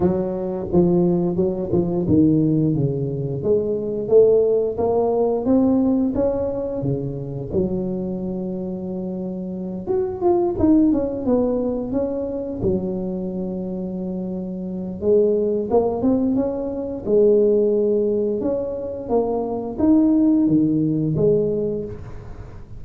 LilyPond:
\new Staff \with { instrumentName = "tuba" } { \time 4/4 \tempo 4 = 88 fis4 f4 fis8 f8 dis4 | cis4 gis4 a4 ais4 | c'4 cis'4 cis4 fis4~ | fis2~ fis8 fis'8 f'8 dis'8 |
cis'8 b4 cis'4 fis4.~ | fis2 gis4 ais8 c'8 | cis'4 gis2 cis'4 | ais4 dis'4 dis4 gis4 | }